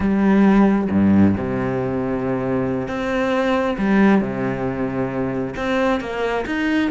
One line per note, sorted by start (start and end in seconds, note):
0.00 0.88 G3
0.91 1.35 G2
1.37 2.88 C3
2.88 3.77 C4
3.78 4.21 G3
4.21 5.54 C3
5.56 6.00 C4
6.00 6.45 A#3
6.45 6.90 D#4